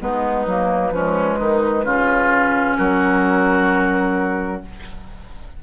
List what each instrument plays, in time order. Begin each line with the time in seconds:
0.00 bassoon G#3, clarinet B3, oboe D#4, flute B4
0.46 bassoon F#3, clarinet A#3
0.91 bassoon F3, clarinet G#3, oboe C#4
1.39 bassoon D#3, oboe D#4
1.84 bassoon C#3, clarinet C#4, oboe F4
2.77 bassoon F#3, oboe F#4, flute A#4